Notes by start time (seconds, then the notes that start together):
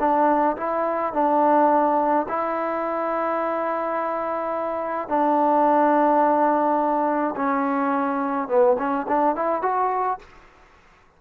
0.00 D4
0.57 E4
1.14 D4
2.29 E4
5.09 D4
7.36 C#4
8.49 B3
8.79 C#4
9.08 D4
9.36 E4
9.63 F#4